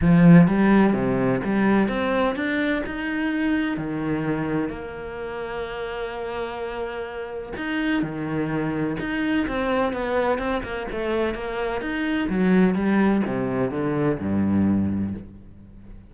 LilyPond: \new Staff \with { instrumentName = "cello" } { \time 4/4 \tempo 4 = 127 f4 g4 c4 g4 | c'4 d'4 dis'2 | dis2 ais2~ | ais1 |
dis'4 dis2 dis'4 | c'4 b4 c'8 ais8 a4 | ais4 dis'4 fis4 g4 | c4 d4 g,2 | }